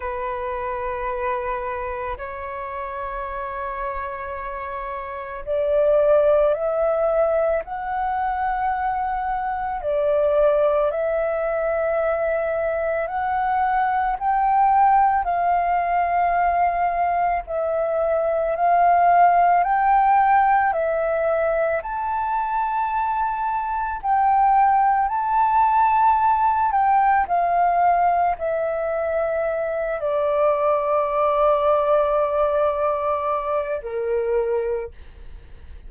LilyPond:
\new Staff \with { instrumentName = "flute" } { \time 4/4 \tempo 4 = 55 b'2 cis''2~ | cis''4 d''4 e''4 fis''4~ | fis''4 d''4 e''2 | fis''4 g''4 f''2 |
e''4 f''4 g''4 e''4 | a''2 g''4 a''4~ | a''8 g''8 f''4 e''4. d''8~ | d''2. ais'4 | }